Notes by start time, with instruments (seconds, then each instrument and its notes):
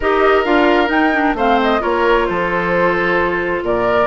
0.00 bassoon D#4, clarinet G4, oboe A#4, flute D#5
0.44 bassoon D4, clarinet F4, flute F5
0.87 clarinet D#4, bassoon D#4, flute G5
1.13 clarinet D4
1.34 bassoon A3, clarinet C4, oboe C5, flute F5
1.62 flute D#5
1.80 bassoon A#3, clarinet F4, oboe A#4, flute C#5
2.26 bassoon F3, oboe A4, flute C5
3.62 bassoon A#2, oboe A#4, flute D5